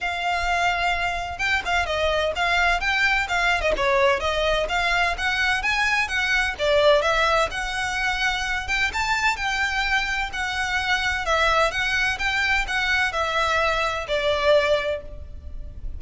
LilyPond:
\new Staff \with { instrumentName = "violin" } { \time 4/4 \tempo 4 = 128 f''2. g''8 f''8 | dis''4 f''4 g''4 f''8. dis''16 | cis''4 dis''4 f''4 fis''4 | gis''4 fis''4 d''4 e''4 |
fis''2~ fis''8 g''8 a''4 | g''2 fis''2 | e''4 fis''4 g''4 fis''4 | e''2 d''2 | }